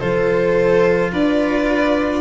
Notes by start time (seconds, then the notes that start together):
0.00 F3 F4 A4 C5
1.12 D4 B4 D5